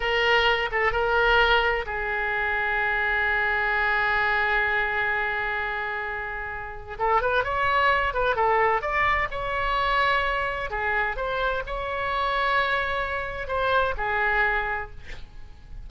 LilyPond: \new Staff \with { instrumentName = "oboe" } { \time 4/4 \tempo 4 = 129 ais'4. a'8 ais'2 | gis'1~ | gis'1~ | gis'2. a'8 b'8 |
cis''4. b'8 a'4 d''4 | cis''2. gis'4 | c''4 cis''2.~ | cis''4 c''4 gis'2 | }